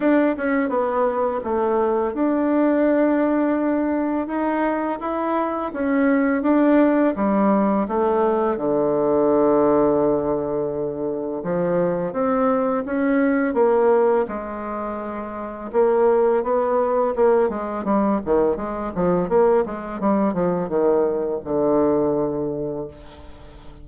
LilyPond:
\new Staff \with { instrumentName = "bassoon" } { \time 4/4 \tempo 4 = 84 d'8 cis'8 b4 a4 d'4~ | d'2 dis'4 e'4 | cis'4 d'4 g4 a4 | d1 |
f4 c'4 cis'4 ais4 | gis2 ais4 b4 | ais8 gis8 g8 dis8 gis8 f8 ais8 gis8 | g8 f8 dis4 d2 | }